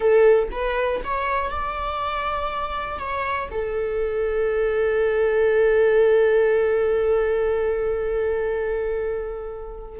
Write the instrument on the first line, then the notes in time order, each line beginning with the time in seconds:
viola
0.00 A4
0.51 B4
1.03 C#5
1.50 D5
2.99 C#5
3.51 A4